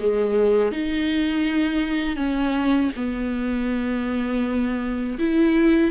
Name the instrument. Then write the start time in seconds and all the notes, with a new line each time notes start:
viola
0.00 G#3
0.72 D#4
2.16 C#4
2.97 B3
5.19 E4